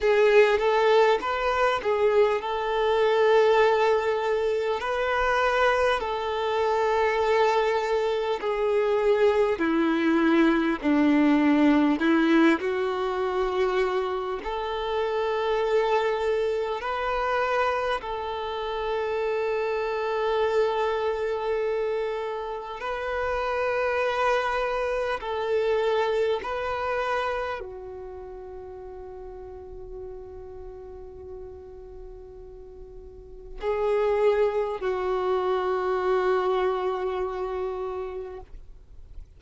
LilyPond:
\new Staff \with { instrumentName = "violin" } { \time 4/4 \tempo 4 = 50 gis'8 a'8 b'8 gis'8 a'2 | b'4 a'2 gis'4 | e'4 d'4 e'8 fis'4. | a'2 b'4 a'4~ |
a'2. b'4~ | b'4 a'4 b'4 fis'4~ | fis'1 | gis'4 fis'2. | }